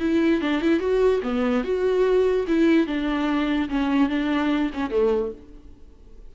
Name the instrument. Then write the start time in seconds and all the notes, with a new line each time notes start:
viola
0.00 E4
0.41 D4
0.62 E4
0.80 F#4
1.23 B3
1.64 F#4
2.48 E4
2.87 D4
3.69 C#4
4.09 D4
4.74 C#4
4.90 A3